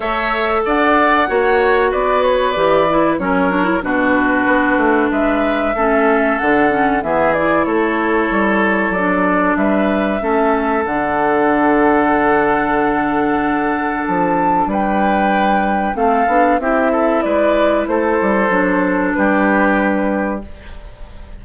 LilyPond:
<<
  \new Staff \with { instrumentName = "flute" } { \time 4/4 \tempo 4 = 94 e''4 fis''2 d''8 cis''8 | d''4 cis''4 b'2 | e''2 fis''4 e''8 d''8 | cis''2 d''4 e''4~ |
e''4 fis''2.~ | fis''2 a''4 g''4~ | g''4 f''4 e''4 d''4 | c''2 b'2 | }
  \new Staff \with { instrumentName = "oboe" } { \time 4/4 cis''4 d''4 cis''4 b'4~ | b'4 ais'4 fis'2 | b'4 a'2 gis'4 | a'2. b'4 |
a'1~ | a'2. b'4~ | b'4 a'4 g'8 a'8 b'4 | a'2 g'2 | }
  \new Staff \with { instrumentName = "clarinet" } { \time 4/4 a'2 fis'2 | g'8 e'8 cis'8 d'16 e'16 d'2~ | d'4 cis'4 d'8 cis'8 b8 e'8~ | e'2 d'2 |
cis'4 d'2.~ | d'1~ | d'4 c'8 d'8 e'2~ | e'4 d'2. | }
  \new Staff \with { instrumentName = "bassoon" } { \time 4/4 a4 d'4 ais4 b4 | e4 fis4 b,4 b8 a8 | gis4 a4 d4 e4 | a4 g4 fis4 g4 |
a4 d2.~ | d2 f4 g4~ | g4 a8 b8 c'4 gis4 | a8 g8 fis4 g2 | }
>>